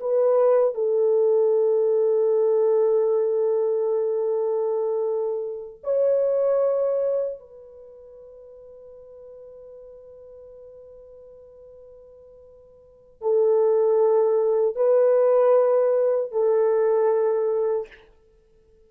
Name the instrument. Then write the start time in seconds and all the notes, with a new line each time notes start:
horn
0.00 B4
0.74 A4
5.84 C#5
7.40 B4
13.22 A4
14.76 B4
16.32 A4